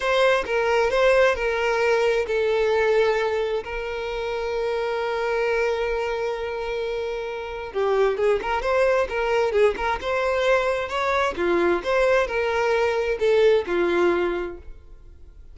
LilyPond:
\new Staff \with { instrumentName = "violin" } { \time 4/4 \tempo 4 = 132 c''4 ais'4 c''4 ais'4~ | ais'4 a'2. | ais'1~ | ais'1~ |
ais'4 g'4 gis'8 ais'8 c''4 | ais'4 gis'8 ais'8 c''2 | cis''4 f'4 c''4 ais'4~ | ais'4 a'4 f'2 | }